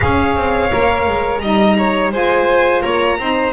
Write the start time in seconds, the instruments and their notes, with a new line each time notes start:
0.00 double bass C#4, saxophone G#4, violin C#5 F5
0.36 double bass C4
0.71 double bass A#3, saxophone A#4
1.07 double bass G#3
1.38 double bass G3, saxophone D#4, violin D#5 A#5
1.78 violin C#5
2.11 double bass G#3, saxophone F4, violin C5 G#5
2.81 double bass A#3, violin C#5 A#5
3.18 double bass C4, saxophone D#4, violin C5